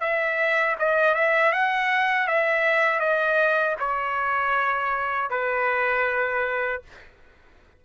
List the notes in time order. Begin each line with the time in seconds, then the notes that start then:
0.00 E5
0.79 D#5
1.14 E5
1.52 F#5
2.27 E5
3.00 D#5
3.79 C#5
5.30 B4